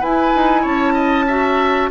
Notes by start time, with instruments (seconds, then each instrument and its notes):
0.00 bassoon E4, clarinet E4, oboe B4, flute G#5
0.35 bassoon D#4
0.61 bassoon C#4, oboe C#5, flute A5
0.94 oboe D#5
1.27 clarinet F#4, oboe E5